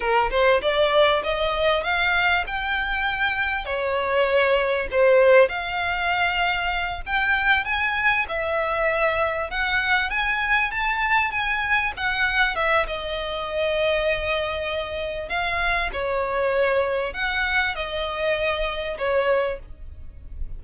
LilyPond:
\new Staff \with { instrumentName = "violin" } { \time 4/4 \tempo 4 = 98 ais'8 c''8 d''4 dis''4 f''4 | g''2 cis''2 | c''4 f''2~ f''8 g''8~ | g''8 gis''4 e''2 fis''8~ |
fis''8 gis''4 a''4 gis''4 fis''8~ | fis''8 e''8 dis''2.~ | dis''4 f''4 cis''2 | fis''4 dis''2 cis''4 | }